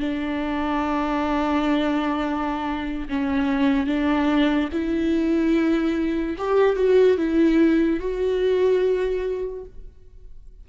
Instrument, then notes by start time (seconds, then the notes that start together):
viola
0.00 D4
3.09 C#4
3.87 D4
4.73 E4
6.38 G4
6.76 F#4
7.18 E4
8.00 F#4